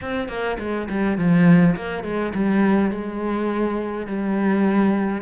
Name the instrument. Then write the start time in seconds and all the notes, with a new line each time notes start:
cello
0.01 C4
0.28 A#3
0.59 G#3
0.89 G3
1.17 F3
1.76 A#3
2.03 G#3
2.34 G3
2.90 G#3
4.06 G3